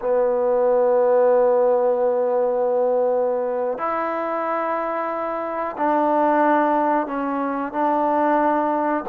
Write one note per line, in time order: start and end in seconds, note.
0.01 3.78 B3
3.78 5.75 E4
5.77 7.07 D4
7.07 7.72 C#4
7.72 9.04 D4